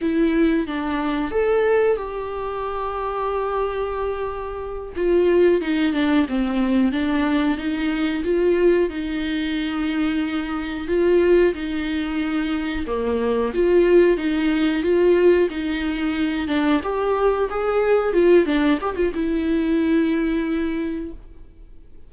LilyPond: \new Staff \with { instrumentName = "viola" } { \time 4/4 \tempo 4 = 91 e'4 d'4 a'4 g'4~ | g'2.~ g'8 f'8~ | f'8 dis'8 d'8 c'4 d'4 dis'8~ | dis'8 f'4 dis'2~ dis'8~ |
dis'8 f'4 dis'2 ais8~ | ais8 f'4 dis'4 f'4 dis'8~ | dis'4 d'8 g'4 gis'4 f'8 | d'8 g'16 f'16 e'2. | }